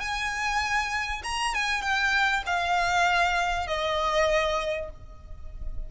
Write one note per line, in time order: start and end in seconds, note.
0.00 1.22 G#5
1.24 1.54 A#5
1.54 1.82 G#5
1.82 2.43 G5
2.46 3.67 F5
3.67 4.89 D#5